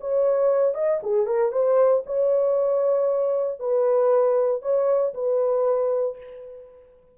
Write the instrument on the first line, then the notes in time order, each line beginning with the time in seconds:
horn
0.00 C#5
0.74 D#5
1.03 G#4
1.26 A#4
1.51 C5
2.05 C#5
3.59 B4
4.62 C#5
5.13 B4